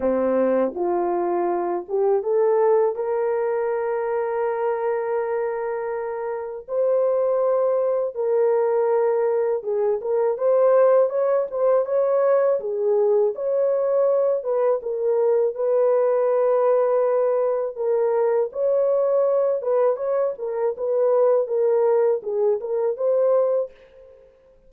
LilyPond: \new Staff \with { instrumentName = "horn" } { \time 4/4 \tempo 4 = 81 c'4 f'4. g'8 a'4 | ais'1~ | ais'4 c''2 ais'4~ | ais'4 gis'8 ais'8 c''4 cis''8 c''8 |
cis''4 gis'4 cis''4. b'8 | ais'4 b'2. | ais'4 cis''4. b'8 cis''8 ais'8 | b'4 ais'4 gis'8 ais'8 c''4 | }